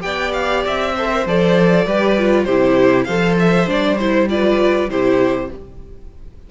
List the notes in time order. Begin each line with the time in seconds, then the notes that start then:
0.00 B3 G4 D5 G5
0.32 F5
0.66 C4 E5
0.94 A4 C5
1.11 A#4
1.25 F3 A4 D5
1.85 G3 G4 B4
2.18 F4
2.44 C3 E4 G4 C5
3.04 F3 A4 C5 F5
3.39 E5
3.66 G3 D4 D5
3.98 E4 C5
4.28 F4 B4 D5
4.89 C3 E4 G4 C5